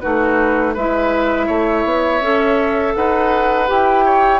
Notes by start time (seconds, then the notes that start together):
0.00 A3 D#4 F#4 B4
0.74 G#3 E4 B4 E5
1.47 A3 C#5
1.84 B3
2.21 C#4 A4
2.96 D#4 B4 F#5
3.67 E4 G4 G5
4.05 C#5